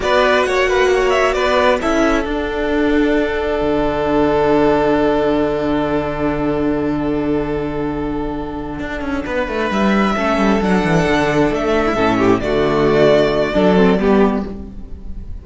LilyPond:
<<
  \new Staff \with { instrumentName = "violin" } { \time 4/4 \tempo 4 = 133 d''4 fis''4. e''8 d''4 | e''4 fis''2.~ | fis''1~ | fis''1~ |
fis''1~ | fis''4. e''2 fis''8~ | fis''4. e''2 d''8~ | d''1 | }
  \new Staff \with { instrumentName = "violin" } { \time 4/4 b'4 cis''8 b'8 cis''4 b'4 | a'1~ | a'1~ | a'1~ |
a'1~ | a'8 b'2 a'4.~ | a'2~ a'16 e'16 a'8 g'8 fis'8~ | fis'2 a'4 g'4 | }
  \new Staff \with { instrumentName = "viola" } { \time 4/4 fis'1 | e'4 d'2.~ | d'1~ | d'1~ |
d'1~ | d'2~ d'8 cis'4 d'8~ | d'2~ d'8 cis'4 a8~ | a2 d'8 c'8 b4 | }
  \new Staff \with { instrumentName = "cello" } { \time 4/4 b4 ais2 b4 | cis'4 d'2. | d1~ | d1~ |
d2.~ d8 d'8 | cis'8 b8 a8 g4 a8 g8 fis8 | e8 d4 a4 a,4 d8~ | d2 fis4 g4 | }
>>